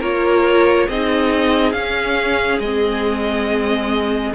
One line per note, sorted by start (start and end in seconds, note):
0.00 0.88 A#3
0.00 0.89 F4
0.00 0.87 A#4
0.00 0.89 C#5
0.88 1.73 C4
0.88 1.74 D#4
0.88 4.35 G#4
0.88 1.72 D#5
1.72 2.60 C#4
1.72 2.61 C#4
1.72 2.59 F5
2.60 4.34 G#3
2.60 4.35 C4
2.60 4.34 D#5